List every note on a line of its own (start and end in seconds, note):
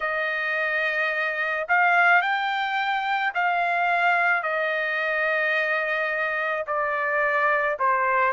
0.00 1.67 D#5
1.68 2.21 F5
2.21 3.32 G5
3.34 4.42 F5
4.42 6.65 D#5
6.66 7.77 D5
7.79 8.32 C5